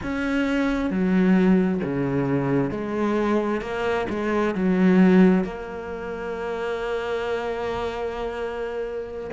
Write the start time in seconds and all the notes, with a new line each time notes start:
0.02 C#4
0.90 F#3
1.83 C#3
2.70 G#3
3.61 A#3
4.09 G#3
4.55 F#3
5.44 A#3